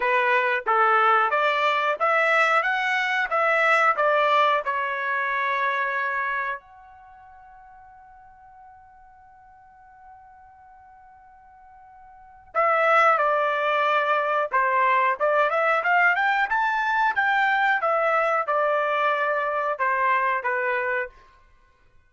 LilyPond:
\new Staff \with { instrumentName = "trumpet" } { \time 4/4 \tempo 4 = 91 b'4 a'4 d''4 e''4 | fis''4 e''4 d''4 cis''4~ | cis''2 fis''2~ | fis''1~ |
fis''2. e''4 | d''2 c''4 d''8 e''8 | f''8 g''8 a''4 g''4 e''4 | d''2 c''4 b'4 | }